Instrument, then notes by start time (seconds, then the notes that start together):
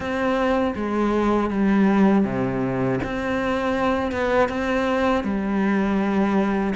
cello
0.00 C4
0.75 G#3
1.50 G3
2.24 C3
3.03 C4
4.11 B3
4.48 C4
5.24 G3